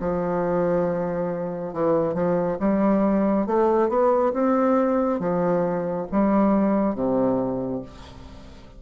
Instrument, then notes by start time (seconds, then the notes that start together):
bassoon
0.00 F3
1.74 E3
2.14 F3
2.60 G3
3.46 A3
3.89 B3
4.33 C4
5.20 F3
6.11 G3
6.95 C3